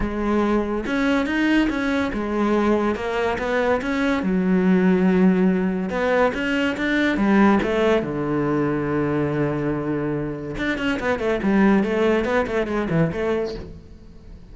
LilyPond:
\new Staff \with { instrumentName = "cello" } { \time 4/4 \tempo 4 = 142 gis2 cis'4 dis'4 | cis'4 gis2 ais4 | b4 cis'4 fis2~ | fis2 b4 cis'4 |
d'4 g4 a4 d4~ | d1~ | d4 d'8 cis'8 b8 a8 g4 | a4 b8 a8 gis8 e8 a4 | }